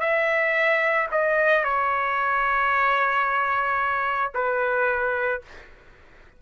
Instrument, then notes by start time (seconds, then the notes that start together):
trumpet
0.00 E5
1.12 D#5
1.64 C#5
4.34 B4